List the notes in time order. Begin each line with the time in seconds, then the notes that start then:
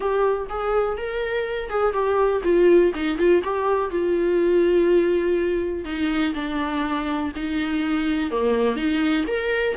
0.00 G4
0.49 G#4
0.97 A#4
1.69 G#4
1.93 G4
2.43 F4
2.94 D#4
3.18 F4
3.43 G4
3.90 F4
5.84 D#4
6.34 D4
7.35 D#4
8.31 A#3
8.76 D#4
9.27 A#4